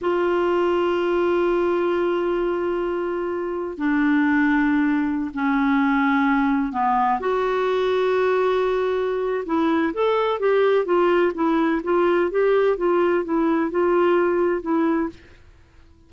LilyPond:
\new Staff \with { instrumentName = "clarinet" } { \time 4/4 \tempo 4 = 127 f'1~ | f'1 | d'2.~ d'16 cis'8.~ | cis'2~ cis'16 b4 fis'8.~ |
fis'1 | e'4 a'4 g'4 f'4 | e'4 f'4 g'4 f'4 | e'4 f'2 e'4 | }